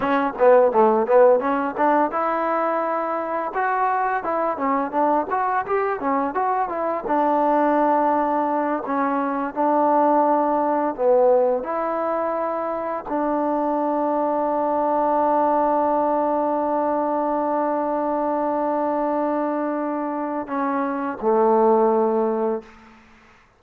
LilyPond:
\new Staff \with { instrumentName = "trombone" } { \time 4/4 \tempo 4 = 85 cis'8 b8 a8 b8 cis'8 d'8 e'4~ | e'4 fis'4 e'8 cis'8 d'8 fis'8 | g'8 cis'8 fis'8 e'8 d'2~ | d'8 cis'4 d'2 b8~ |
b8 e'2 d'4.~ | d'1~ | d'1~ | d'4 cis'4 a2 | }